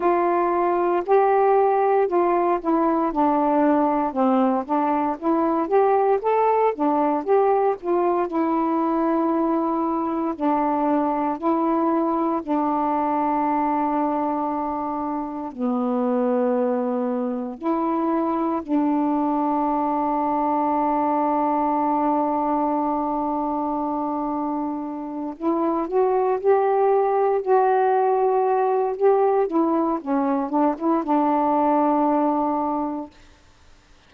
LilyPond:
\new Staff \with { instrumentName = "saxophone" } { \time 4/4 \tempo 4 = 58 f'4 g'4 f'8 e'8 d'4 | c'8 d'8 e'8 g'8 a'8 d'8 g'8 f'8 | e'2 d'4 e'4 | d'2. b4~ |
b4 e'4 d'2~ | d'1~ | d'8 e'8 fis'8 g'4 fis'4. | g'8 e'8 cis'8 d'16 e'16 d'2 | }